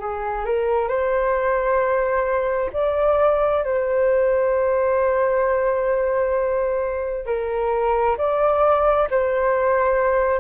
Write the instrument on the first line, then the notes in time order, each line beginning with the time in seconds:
flute
0.00 G#4
0.45 A#4
0.89 C5
2.73 D5
3.64 C5
7.26 A#4
8.18 D5
9.11 C5